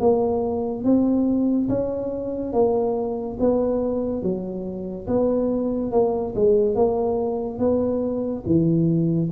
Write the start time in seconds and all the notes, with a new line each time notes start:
0.00 A#3
0.84 C4
1.69 C#4
2.53 A#3
3.40 B3
4.23 F#3
5.07 B3
5.92 A#3
6.35 G#3
6.75 A#3
7.59 B3
8.46 E3